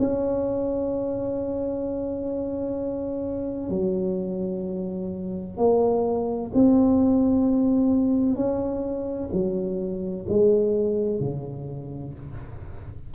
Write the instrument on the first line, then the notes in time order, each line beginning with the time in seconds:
tuba
0.00 C#4
3.70 F#3
5.58 A#3
6.55 C4
8.36 C#4
9.33 F#3
10.29 G#3
11.21 C#3